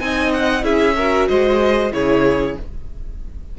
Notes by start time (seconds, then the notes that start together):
0.00 C4 D#4 D#5 G#5
0.33 F#5
0.62 C#4 E4 G#4 E5
0.97 F#4 A#4
1.28 G#3 C5 D#5
1.92 C#3 E4 G#4 C#5